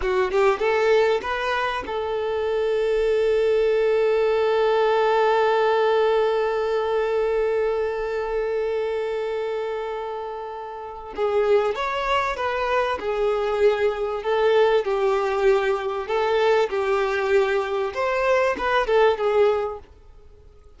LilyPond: \new Staff \with { instrumentName = "violin" } { \time 4/4 \tempo 4 = 97 fis'8 g'8 a'4 b'4 a'4~ | a'1~ | a'1~ | a'1~ |
a'2 gis'4 cis''4 | b'4 gis'2 a'4 | g'2 a'4 g'4~ | g'4 c''4 b'8 a'8 gis'4 | }